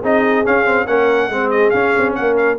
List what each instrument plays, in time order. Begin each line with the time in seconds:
0.00 tuba C4, trombone D#4, horn G#4, trumpet D#5
0.45 trombone C#4, tuba C#4, trumpet F5
0.65 trombone C4
0.87 tuba A#3, trombone C#4, horn A#4, trumpet F#5
1.29 tuba G#3, trombone C4, horn G#4
1.50 trumpet D#5
1.70 trombone C#4, tuba C#4, trumpet F5
1.98 tuba C4
2.15 tuba A#3, horn A#4, trumpet F#5
2.37 trumpet F5